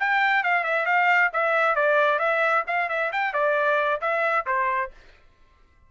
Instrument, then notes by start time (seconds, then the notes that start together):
trumpet
0.00 G5
0.44 F5
0.64 E5
0.86 F5
1.34 E5
1.76 D5
2.19 E5
2.67 F5
2.89 E5
3.12 G5
3.34 D5
4.01 E5
4.47 C5